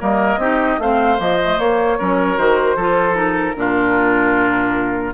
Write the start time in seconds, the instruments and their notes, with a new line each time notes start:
0.00 bassoon G3, clarinet A#3, oboe A#4, flute D#5
0.37 bassoon C4, clarinet D#4, oboe G4
0.79 bassoon A3, clarinet C4, oboe C5, flute F5
1.17 bassoon F3, clarinet A#3, flute D#5
1.43 clarinet A3
1.59 clarinet A#3, bassoon A#3, flute C#5
1.99 bassoon F#3, clarinet C#4, oboe A#4
2.37 bassoon D#3, clarinet F#4, flute C5
2.76 bassoon F3, clarinet F4, oboe A4
3.14 clarinet D#4, flute A#4
3.56 bassoon A#2, clarinet D4, oboe F4